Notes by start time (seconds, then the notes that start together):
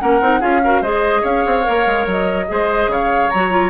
0.00 A#3 C#4 A#4 F#5
0.21 C4 D#4
0.41 C#4 F4 G#4 F5
0.64 F#4 A#4
0.81 G#3 G#4 C5 D#5
1.22 C#4 C#5 F5
1.46 C4
1.64 A#3 A#4
1.87 G#3
2.06 F#3 D#5
2.48 G#3 G#4 C5
2.87 C#3 C#5 F5
3.30 F#3 F#4 A#5
3.50 F4